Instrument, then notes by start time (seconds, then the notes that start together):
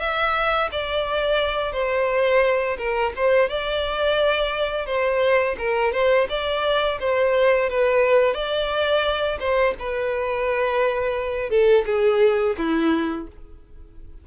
violin
0.00 E5
0.72 D5
1.73 C5
2.78 A#4
3.16 C5
3.49 D5
4.86 C5
5.59 A#4
5.93 C5
6.29 D5
7.00 C5
7.70 B4
8.34 D5
9.40 C5
9.80 B4
11.50 A4
11.86 G#4
12.58 E4